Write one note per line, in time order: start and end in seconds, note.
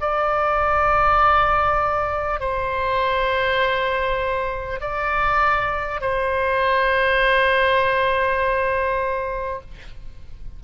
0.00 2.40 D5
2.40 4.80 C5
4.80 6.00 D5
6.01 9.61 C5